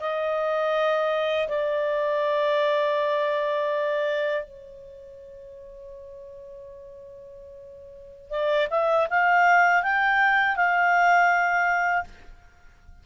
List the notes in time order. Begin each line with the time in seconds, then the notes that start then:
0.00 D#5
1.48 D5
4.44 C#5
8.30 D5
8.70 E5
9.10 F5
9.82 G5
10.56 F5